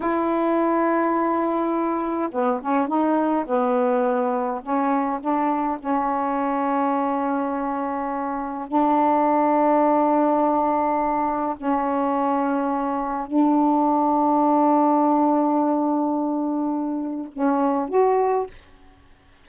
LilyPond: \new Staff \with { instrumentName = "saxophone" } { \time 4/4 \tempo 4 = 104 e'1 | b8 cis'8 dis'4 b2 | cis'4 d'4 cis'2~ | cis'2. d'4~ |
d'1 | cis'2. d'4~ | d'1~ | d'2 cis'4 fis'4 | }